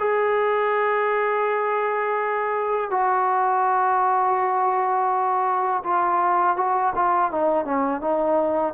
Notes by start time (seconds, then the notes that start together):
0.00 G#4
2.91 F#4
5.84 F4
6.57 F#4
6.96 F4
7.32 D#4
7.65 C#4
8.02 D#4